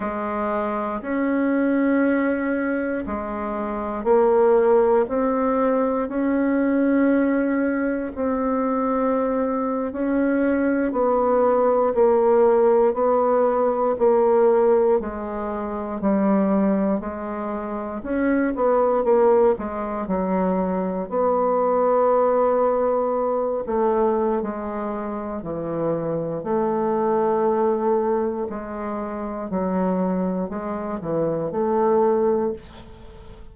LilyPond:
\new Staff \with { instrumentName = "bassoon" } { \time 4/4 \tempo 4 = 59 gis4 cis'2 gis4 | ais4 c'4 cis'2 | c'4.~ c'16 cis'4 b4 ais16~ | ais8. b4 ais4 gis4 g16~ |
g8. gis4 cis'8 b8 ais8 gis8 fis16~ | fis8. b2~ b8 a8. | gis4 e4 a2 | gis4 fis4 gis8 e8 a4 | }